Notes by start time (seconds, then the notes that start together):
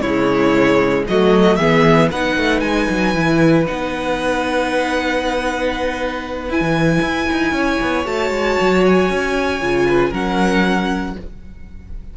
0.00 C#3 G#3 E4 C#5
1.07 F#3 A3 F#4 D#5
1.55 E3 B3 G#4 E5
2.11 B3 D#4 B4 F#5
2.37 A3
2.59 G#3 G#5
2.89 F#3
3.14 E3 E4
3.67 B3 D#4 F#5
6.49 E4 G#5
6.60 E3
7.00 E4
7.32 D#4
7.51 C#4 C#5
7.81 B3
8.05 A3 F#4 A5
8.30 G#3
8.60 F#3
8.85 G#5
9.09 C#4
9.61 C#3 F4
9.88 B4
10.09 F#3 C#4 A#4 F#5